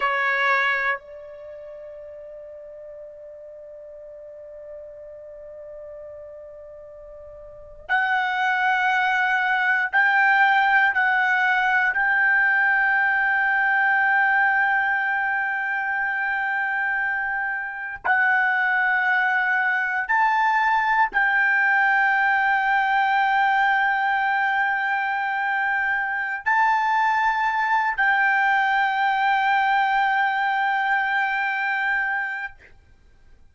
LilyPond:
\new Staff \with { instrumentName = "trumpet" } { \time 4/4 \tempo 4 = 59 cis''4 d''2.~ | d''2.~ d''8. fis''16~ | fis''4.~ fis''16 g''4 fis''4 g''16~ | g''1~ |
g''4.~ g''16 fis''2 a''16~ | a''8. g''2.~ g''16~ | g''2 a''4. g''8~ | g''1 | }